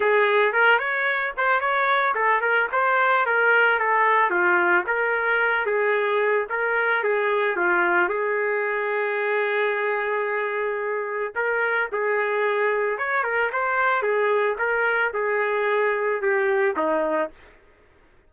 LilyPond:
\new Staff \with { instrumentName = "trumpet" } { \time 4/4 \tempo 4 = 111 gis'4 ais'8 cis''4 c''8 cis''4 | a'8 ais'8 c''4 ais'4 a'4 | f'4 ais'4. gis'4. | ais'4 gis'4 f'4 gis'4~ |
gis'1~ | gis'4 ais'4 gis'2 | cis''8 ais'8 c''4 gis'4 ais'4 | gis'2 g'4 dis'4 | }